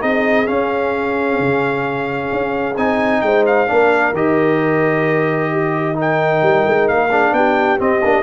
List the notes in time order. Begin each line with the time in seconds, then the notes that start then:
0.00 C4 D#4 G#4 D#5
0.45 C#4 F5
1.39 C#3
2.32 C#4
2.76 C4 D#4 G#5
3.21 G#3 C5 G5
3.46 F5
3.67 A#3 D4 A#4
4.12 D#3 G4 D#5
5.52 G4
5.94 D#4 A#4 G5
6.42 G3
6.67 G#3
6.88 A#3 F5
7.10 D4 G#4
7.32 B3 G4 G5
7.78 C4 D#5
8.04 A#3 D4